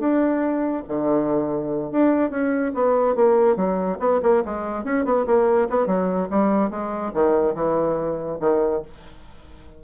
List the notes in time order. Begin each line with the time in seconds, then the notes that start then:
0.00 D4
0.89 D3
1.92 D4
2.31 C#4
2.74 B3
3.16 A#3
3.56 F#3
4.00 B3
4.23 A#3
4.45 G#3
4.85 C#4
5.05 B3
5.27 A#3
5.70 B3
5.87 F#3
6.31 G3
6.71 G#3
7.14 D#3
7.55 E3
8.40 D#3